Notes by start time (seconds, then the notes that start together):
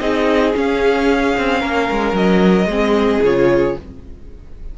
0.00 C4 D#4 G#4 D#5
0.53 C#4 F5
1.37 C4
1.61 A#3 A#4
1.91 G#3
2.13 F#3 D#5
2.66 G#3 C4 G#4
3.22 C#3 F4 C#5